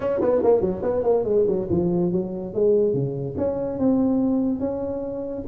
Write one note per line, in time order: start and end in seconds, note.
0.00 0.20 C#4
0.21 0.42 B3
0.43 0.60 A#3
0.60 0.81 F#3
0.82 1.03 B3
1.03 1.24 A#3
1.24 1.45 G#3
1.47 1.68 F#3
1.70 2.12 F3
2.12 2.53 F#3
2.54 2.93 G#3
2.93 3.35 C#3
3.37 3.79 C#4
3.79 4.59 C4
4.59 5.43 C#4